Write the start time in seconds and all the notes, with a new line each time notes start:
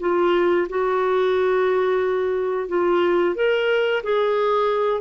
0.00 F4
0.69 F#4
2.68 F4
3.35 A#4
4.03 G#4